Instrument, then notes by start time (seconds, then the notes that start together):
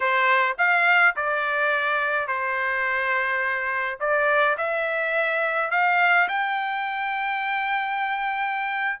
trumpet
0.00 C5
0.58 F5
1.16 D5
2.27 C5
3.99 D5
4.57 E5
5.71 F5
6.28 G5